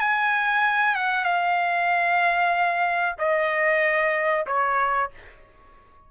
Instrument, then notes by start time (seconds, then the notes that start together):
trumpet
0.00 G#5
0.96 F#5
1.24 F5
3.19 D#5
4.47 C#5